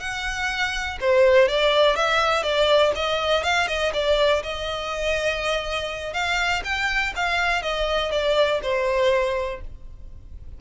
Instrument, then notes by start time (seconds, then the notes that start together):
violin
0.00 F#5
1.01 C5
1.48 D5
1.96 E5
2.43 D5
2.96 D#5
3.44 F5
3.68 D#5
3.94 D5
4.43 D#5
6.14 F5
6.64 G5
7.16 F5
7.63 D#5
8.12 D5
8.63 C5